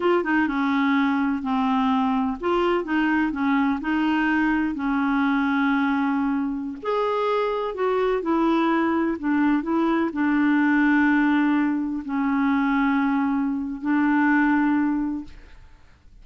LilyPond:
\new Staff \with { instrumentName = "clarinet" } { \time 4/4 \tempo 4 = 126 f'8 dis'8 cis'2 c'4~ | c'4 f'4 dis'4 cis'4 | dis'2 cis'2~ | cis'2~ cis'16 gis'4.~ gis'16~ |
gis'16 fis'4 e'2 d'8.~ | d'16 e'4 d'2~ d'8.~ | d'4~ d'16 cis'2~ cis'8.~ | cis'4 d'2. | }